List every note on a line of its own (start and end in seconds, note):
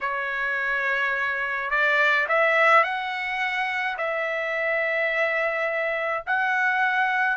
0.00 1.70 C#5
1.70 2.26 D5
2.28 2.83 E5
2.83 3.96 F#5
3.97 6.23 E5
6.26 7.37 F#5